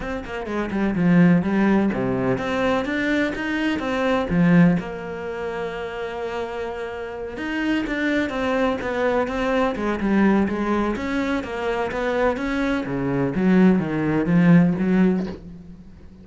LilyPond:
\new Staff \with { instrumentName = "cello" } { \time 4/4 \tempo 4 = 126 c'8 ais8 gis8 g8 f4 g4 | c4 c'4 d'4 dis'4 | c'4 f4 ais2~ | ais2.~ ais8 dis'8~ |
dis'8 d'4 c'4 b4 c'8~ | c'8 gis8 g4 gis4 cis'4 | ais4 b4 cis'4 cis4 | fis4 dis4 f4 fis4 | }